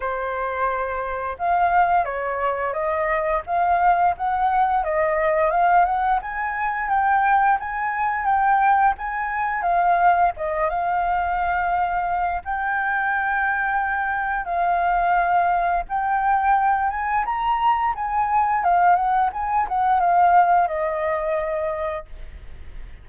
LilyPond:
\new Staff \with { instrumentName = "flute" } { \time 4/4 \tempo 4 = 87 c''2 f''4 cis''4 | dis''4 f''4 fis''4 dis''4 | f''8 fis''8 gis''4 g''4 gis''4 | g''4 gis''4 f''4 dis''8 f''8~ |
f''2 g''2~ | g''4 f''2 g''4~ | g''8 gis''8 ais''4 gis''4 f''8 fis''8 | gis''8 fis''8 f''4 dis''2 | }